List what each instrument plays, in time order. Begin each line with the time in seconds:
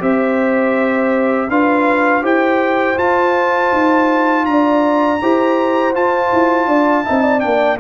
0.00 tuba C4, trombone G4, horn C5, trumpet E5
1.50 tuba D4, trombone F4, horn B4, trumpet F5
2.23 tuba E4, trombone G4, horn C5, trumpet G5
2.97 trombone F4, tuba F4, trumpet A5
3.73 tuba D#4
4.46 tuba D4, horn D5, trumpet A#5
5.22 tuba E4, trombone G4, horn C5
5.94 trombone F4, tuba F4, trumpet A5
6.33 tuba E4
6.67 tuba D4, horn D5
7.05 tuba C4, trombone D#4, horn E5
7.23 horn D5
7.40 tuba A#3, trombone D4, trumpet G5